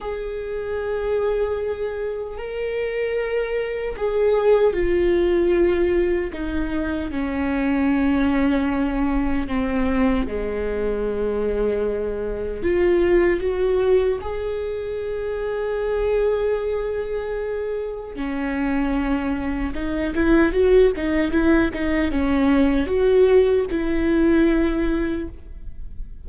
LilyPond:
\new Staff \with { instrumentName = "viola" } { \time 4/4 \tempo 4 = 76 gis'2. ais'4~ | ais'4 gis'4 f'2 | dis'4 cis'2. | c'4 gis2. |
f'4 fis'4 gis'2~ | gis'2. cis'4~ | cis'4 dis'8 e'8 fis'8 dis'8 e'8 dis'8 | cis'4 fis'4 e'2 | }